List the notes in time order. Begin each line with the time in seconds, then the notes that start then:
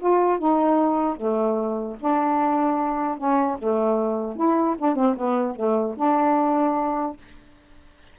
0.00 F4
0.39 D#4
1.17 A3
2.00 D4
3.18 C#4
3.59 A3
4.37 E4
4.79 D4
4.96 C4
5.17 B3
5.56 A3
5.97 D4